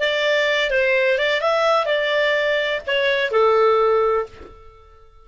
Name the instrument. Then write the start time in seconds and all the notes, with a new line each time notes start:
clarinet
0.00 D5
0.71 C5
1.19 D5
1.42 E5
1.86 D5
2.87 C#5
3.32 A4